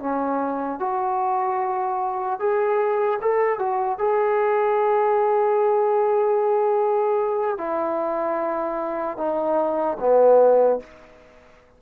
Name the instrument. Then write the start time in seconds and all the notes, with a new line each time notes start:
trombone
0.00 C#4
0.80 F#4
2.40 G#4
3.22 A4
3.59 F#4
3.99 G#4
7.58 E4
9.17 D#4
10.00 B3